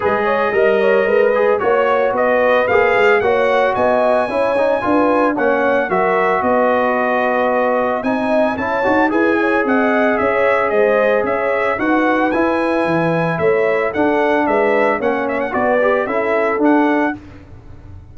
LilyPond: <<
  \new Staff \with { instrumentName = "trumpet" } { \time 4/4 \tempo 4 = 112 dis''2. cis''4 | dis''4 f''4 fis''4 gis''4~ | gis''2 fis''4 e''4 | dis''2. gis''4 |
a''4 gis''4 fis''4 e''4 | dis''4 e''4 fis''4 gis''4~ | gis''4 e''4 fis''4 e''4 | fis''8 e''16 fis''16 d''4 e''4 fis''4 | }
  \new Staff \with { instrumentName = "horn" } { \time 4/4 b'8 cis''8 dis''8 cis''8 b'4 cis''4 | b'2 cis''4 dis''4 | cis''4 b'4 cis''4 ais'4 | b'2. dis''4 |
cis''4 b'8 cis''8 dis''4 cis''4 | c''4 cis''4 b'2~ | b'4 cis''4 a'4 b'4 | cis''4 b'4 a'2 | }
  \new Staff \with { instrumentName = "trombone" } { \time 4/4 gis'4 ais'4. gis'8 fis'4~ | fis'4 gis'4 fis'2 | e'8 dis'8 f'4 cis'4 fis'4~ | fis'2. dis'4 |
e'8 fis'8 gis'2.~ | gis'2 fis'4 e'4~ | e'2 d'2 | cis'4 fis'8 g'8 e'4 d'4 | }
  \new Staff \with { instrumentName = "tuba" } { \time 4/4 gis4 g4 gis4 ais4 | b4 ais8 gis8 ais4 b4 | cis'4 d'4 ais4 fis4 | b2. c'4 |
cis'8 dis'8 e'4 c'4 cis'4 | gis4 cis'4 dis'4 e'4 | e4 a4 d'4 gis4 | ais4 b4 cis'4 d'4 | }
>>